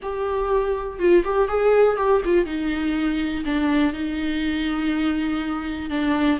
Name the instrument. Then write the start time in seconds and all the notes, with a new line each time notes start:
viola
0.02 G4
0.99 F4
1.24 G4
1.48 G#4
1.96 G4
2.24 F4
2.45 D#4
3.45 D4
3.93 D#4
5.89 D4